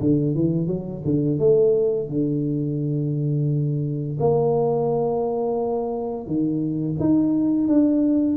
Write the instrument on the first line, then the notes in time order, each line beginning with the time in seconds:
tuba
0.00 D3
0.35 E3
0.67 F#3
1.04 D3
1.39 A3
2.08 D3
4.20 A#3
6.26 D#3
7.00 D#4
7.68 D4